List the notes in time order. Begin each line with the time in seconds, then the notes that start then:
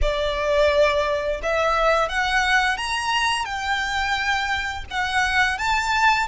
0.01 D5
1.42 E5
2.08 F#5
2.77 A#5
3.45 G5
4.90 F#5
5.58 A5